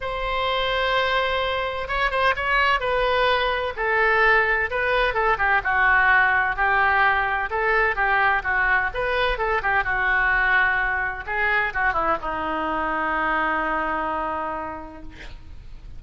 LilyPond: \new Staff \with { instrumentName = "oboe" } { \time 4/4 \tempo 4 = 128 c''1 | cis''8 c''8 cis''4 b'2 | a'2 b'4 a'8 g'8 | fis'2 g'2 |
a'4 g'4 fis'4 b'4 | a'8 g'8 fis'2. | gis'4 fis'8 e'8 dis'2~ | dis'1 | }